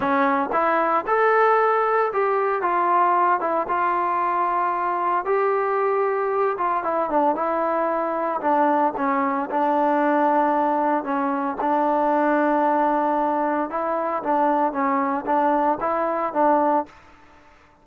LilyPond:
\new Staff \with { instrumentName = "trombone" } { \time 4/4 \tempo 4 = 114 cis'4 e'4 a'2 | g'4 f'4. e'8 f'4~ | f'2 g'2~ | g'8 f'8 e'8 d'8 e'2 |
d'4 cis'4 d'2~ | d'4 cis'4 d'2~ | d'2 e'4 d'4 | cis'4 d'4 e'4 d'4 | }